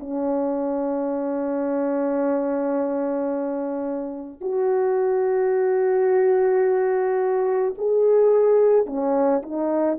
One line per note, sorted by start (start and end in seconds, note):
0.00 4.41 C#4
4.41 7.74 F#4
7.78 8.86 G#4
8.86 9.42 C#4
9.42 9.98 D#4